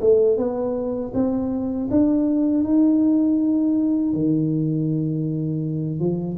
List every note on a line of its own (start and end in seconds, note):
0.00 0.37 A3
0.37 1.12 B3
1.14 1.89 C4
1.91 2.64 D4
2.64 4.13 D#4
4.13 5.99 D#3
5.99 6.37 F3